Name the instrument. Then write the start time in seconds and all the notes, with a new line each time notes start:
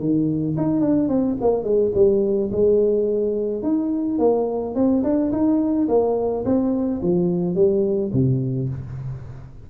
tuba
0.00 D#3
0.57 D#4
0.81 D4
1.09 C4
1.41 A#3
1.64 G#3
1.95 G3
2.52 G#3
3.63 D#4
4.19 A#3
4.76 C4
5.04 D4
5.32 D#4
5.88 A#3
6.45 C4
7.02 F3
7.55 G3
8.13 C3